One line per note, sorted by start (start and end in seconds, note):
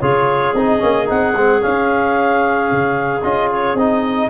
0.00 0.54 C#3
0.00 0.55 F4
0.00 4.29 G#4
0.00 0.54 C#5
0.54 0.80 C4
0.54 0.79 D#4
0.54 1.07 D#5
0.79 1.09 A#3
0.79 1.06 C#4
1.06 1.35 C4
1.06 1.32 D#4
1.06 1.62 F#5
1.35 1.62 G#3
1.35 1.60 C4
1.60 3.21 C#4
1.60 2.71 C#4
1.60 3.21 F5
2.71 3.23 C#3
3.21 3.74 C#4
3.21 3.77 F4
3.21 3.48 D#5
3.51 3.76 C#5
3.74 4.28 C4
3.74 4.30 D#4
3.74 4.30 D#5